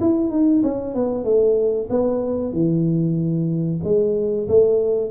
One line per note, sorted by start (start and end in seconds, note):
0.00 0.30 E4
0.30 0.62 D#4
0.63 0.95 C#4
0.95 1.24 B3
1.24 1.88 A3
1.90 2.53 B3
2.53 3.80 E3
3.84 4.48 G#3
4.48 5.11 A3